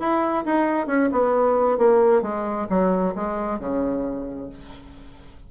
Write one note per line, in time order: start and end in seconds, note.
0.00 0.45 E4
0.46 0.87 D#4
0.87 1.10 C#4
1.13 1.78 B3
1.78 2.23 A#3
2.23 2.68 G#3
2.70 3.15 F#3
3.16 3.59 G#3
3.59 4.50 C#3